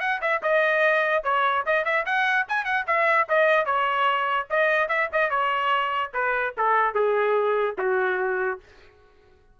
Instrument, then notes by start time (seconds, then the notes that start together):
trumpet
0.00 F#5
0.21 E5
0.42 D#5
1.24 C#5
1.66 D#5
1.85 E5
2.06 F#5
2.48 G#5
2.65 F#5
2.87 E5
3.29 D#5
3.65 C#5
4.50 D#5
4.88 E5
5.12 D#5
5.30 C#5
6.14 B4
6.57 A4
6.94 G#4
7.78 F#4